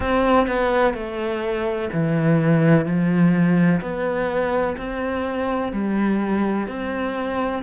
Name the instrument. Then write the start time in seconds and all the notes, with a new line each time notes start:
cello
0.00 C4
0.47 B3
0.94 A3
1.92 E3
2.85 F3
3.81 B3
4.77 C4
5.72 G3
6.67 C4